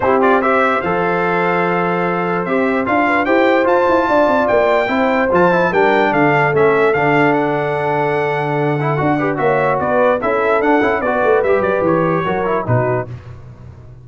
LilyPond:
<<
  \new Staff \with { instrumentName = "trumpet" } { \time 4/4 \tempo 4 = 147 c''8 d''8 e''4 f''2~ | f''2 e''4 f''4 | g''4 a''2 g''4~ | g''4 a''4 g''4 f''4 |
e''4 f''4 fis''2~ | fis''2. e''4 | d''4 e''4 fis''4 d''4 | e''8 d''8 cis''2 b'4 | }
  \new Staff \with { instrumentName = "horn" } { \time 4/4 g'4 c''2.~ | c''2.~ c''8 b'8 | c''2 d''2 | c''2 ais'4 a'4~ |
a'1~ | a'2~ a'8 b'8 cis''4 | b'4 a'2 b'4~ | b'2 ais'4 fis'4 | }
  \new Staff \with { instrumentName = "trombone" } { \time 4/4 e'8 f'8 g'4 a'2~ | a'2 g'4 f'4 | g'4 f'2. | e'4 f'8 e'8 d'2 |
cis'4 d'2.~ | d'4. e'8 fis'8 g'8 fis'4~ | fis'4 e'4 d'8 e'8 fis'4 | g'2 fis'8 e'8 dis'4 | }
  \new Staff \with { instrumentName = "tuba" } { \time 4/4 c'2 f2~ | f2 c'4 d'4 | e'4 f'8 e'8 d'8 c'8 ais4 | c'4 f4 g4 d4 |
a4 d2.~ | d2 d'4 ais4 | b4 cis'4 d'8 cis'8 b8 a8 | g8 fis8 e4 fis4 b,4 | }
>>